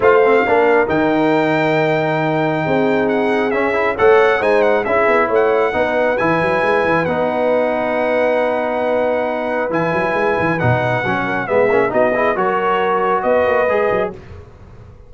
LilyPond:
<<
  \new Staff \with { instrumentName = "trumpet" } { \time 4/4 \tempo 4 = 136 f''2 g''2~ | g''2. fis''4 | e''4 fis''4 gis''8 fis''8 e''4 | fis''2 gis''2 |
fis''1~ | fis''2 gis''2 | fis''2 e''4 dis''4 | cis''2 dis''2 | }
  \new Staff \with { instrumentName = "horn" } { \time 4/4 c''4 ais'2.~ | ais'2 gis'2~ | gis'4 cis''4 c''4 gis'4 | cis''4 b'2.~ |
b'1~ | b'1~ | b'4. ais'8 gis'4 fis'8 gis'8 | ais'2 b'2 | }
  \new Staff \with { instrumentName = "trombone" } { \time 4/4 f'8 c'8 d'4 dis'2~ | dis'1 | cis'8 e'8 a'4 dis'4 e'4~ | e'4 dis'4 e'2 |
dis'1~ | dis'2 e'2 | dis'4 cis'4 b8 cis'8 dis'8 e'8 | fis'2. gis'4 | }
  \new Staff \with { instrumentName = "tuba" } { \time 4/4 a4 ais4 dis2~ | dis2 c'2 | cis'4 a4 gis4 cis'8 b8 | a4 b4 e8 fis8 gis8 e8 |
b1~ | b2 e8 fis8 gis8 e8 | b,4 fis4 gis8 ais8 b4 | fis2 b8 ais8 gis8 fis8 | }
>>